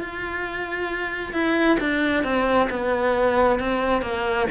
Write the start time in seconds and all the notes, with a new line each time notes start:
0.00 F4
1.33 E4
1.80 D4
2.24 C4
2.69 B3
3.59 C4
4.01 A#3